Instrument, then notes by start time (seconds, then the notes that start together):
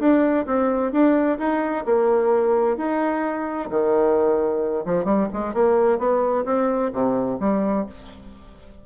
bassoon
0.00 D4
0.47 C4
0.93 D4
1.39 D#4
1.86 A#3
2.78 D#4
3.70 D#3
4.86 F3
5.05 G3
5.33 G#3
5.54 A#3
5.99 B3
6.46 C4
6.94 C3
7.40 G3